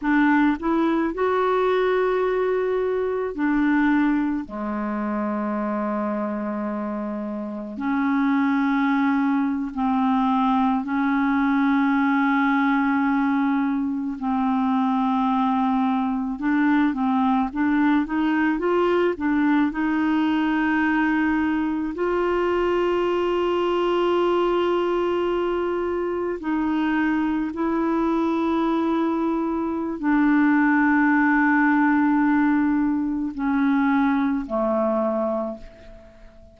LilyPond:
\new Staff \with { instrumentName = "clarinet" } { \time 4/4 \tempo 4 = 54 d'8 e'8 fis'2 d'4 | gis2. cis'4~ | cis'8. c'4 cis'2~ cis'16~ | cis'8. c'2 d'8 c'8 d'16~ |
d'16 dis'8 f'8 d'8 dis'2 f'16~ | f'2.~ f'8. dis'16~ | dis'8. e'2~ e'16 d'4~ | d'2 cis'4 a4 | }